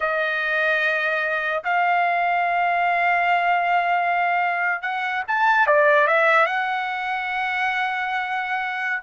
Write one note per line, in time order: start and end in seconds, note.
0.00 1.63 D#5
1.64 4.82 F5
4.82 5.23 F#5
5.27 5.66 A5
5.66 6.07 D5
6.07 6.45 E5
6.45 9.02 F#5